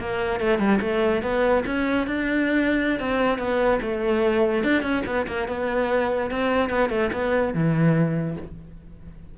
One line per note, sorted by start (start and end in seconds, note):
0.00 0.40 A#3
0.40 0.58 A3
0.58 0.79 G3
0.81 1.22 A3
1.22 1.64 B3
1.66 2.07 C#4
2.07 3.00 D4
3.00 3.38 C4
3.38 3.80 B3
3.81 4.64 A3
4.64 4.82 D4
4.82 5.03 C#4
5.06 5.26 B3
5.27 5.48 A#3
5.48 6.31 B3
6.31 6.70 C4
6.70 6.90 B3
6.90 7.10 A3
7.12 7.54 B3
7.54 8.37 E3